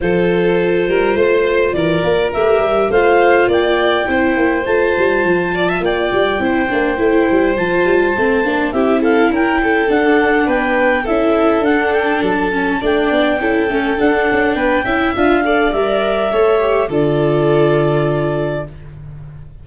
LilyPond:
<<
  \new Staff \with { instrumentName = "clarinet" } { \time 4/4 \tempo 4 = 103 c''2. d''4 | e''4 f''4 g''2 | a''2 g''2~ | g''4 a''2 e''8 f''8 |
g''4 fis''4 g''4 e''4 | fis''8 g''8 a''4 g''2 | fis''4 g''4 f''4 e''4~ | e''4 d''2. | }
  \new Staff \with { instrumentName = "violin" } { \time 4/4 a'4. ais'8 c''4 ais'4~ | ais'4 c''4 d''4 c''4~ | c''4. d''16 e''16 d''4 c''4~ | c''2. g'8 a'8 |
ais'8 a'4. b'4 a'4~ | a'2 d''4 a'4~ | a'4 b'8 e''4 d''4. | cis''4 a'2. | }
  \new Staff \with { instrumentName = "viola" } { \time 4/4 f'1 | g'4 f'2 e'4 | f'2. e'8 d'8 | e'4 f'4 c'8 d'8 e'4~ |
e'4 d'2 e'4 | d'4. cis'8 d'4 e'8 cis'8 | d'4. e'8 f'8 a'8 ais'4 | a'8 g'8 f'2. | }
  \new Staff \with { instrumentName = "tuba" } { \time 4/4 f4. g8 a4 e8 ais8 | a8 g8 a4 ais4 c'8 ais8 | a8 g8 f4 ais8 g8 c'8 ais8 | a8 g8 f8 g8 a8 ais8 c'4 |
cis'4 d'4 b4 cis'4 | d'4 fis4 a8 b8 cis'8 a8 | d'8 cis'8 b8 cis'8 d'4 g4 | a4 d2. | }
>>